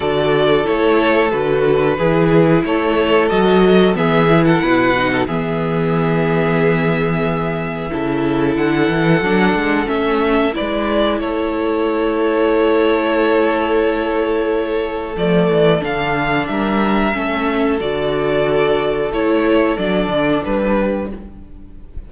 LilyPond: <<
  \new Staff \with { instrumentName = "violin" } { \time 4/4 \tempo 4 = 91 d''4 cis''4 b'2 | cis''4 dis''4 e''8. fis''4~ fis''16 | e''1~ | e''4 fis''2 e''4 |
d''4 cis''2.~ | cis''2. d''4 | f''4 e''2 d''4~ | d''4 cis''4 d''4 b'4 | }
  \new Staff \with { instrumentName = "violin" } { \time 4/4 a'2. gis'4 | a'2 gis'8. a'16 b'8. a'16 | gis'1 | a'1 |
b'4 a'2.~ | a'1~ | a'4 ais'4 a'2~ | a'2.~ a'8 g'8 | }
  \new Staff \with { instrumentName = "viola" } { \time 4/4 fis'4 e'4 fis'4 e'4~ | e'4 fis'4 b8 e'4 dis'8 | b1 | e'2 d'4 cis'4 |
e'1~ | e'2. a4 | d'2 cis'4 fis'4~ | fis'4 e'4 d'2 | }
  \new Staff \with { instrumentName = "cello" } { \time 4/4 d4 a4 d4 e4 | a4 fis4 e4 b,4 | e1 | cis4 d8 e8 fis8 gis8 a4 |
gis4 a2.~ | a2. f8 e8 | d4 g4 a4 d4~ | d4 a4 fis8 d8 g4 | }
>>